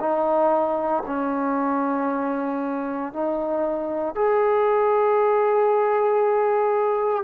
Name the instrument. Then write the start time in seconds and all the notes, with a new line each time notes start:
trombone
0.00 D#4
1.06 C#4
3.13 D#4
4.15 G#4